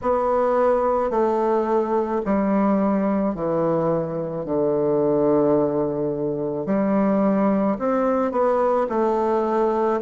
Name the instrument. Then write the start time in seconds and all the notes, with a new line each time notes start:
bassoon
0.02 B3
1.10 A3
2.25 G3
3.34 E3
4.44 D3
6.66 G3
7.78 C4
8.31 B3
8.89 A3